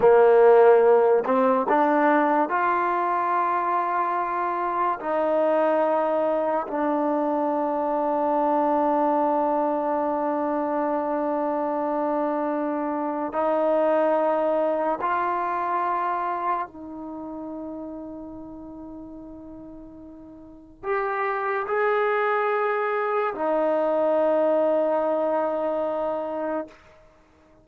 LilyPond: \new Staff \with { instrumentName = "trombone" } { \time 4/4 \tempo 4 = 72 ais4. c'8 d'4 f'4~ | f'2 dis'2 | d'1~ | d'1 |
dis'2 f'2 | dis'1~ | dis'4 g'4 gis'2 | dis'1 | }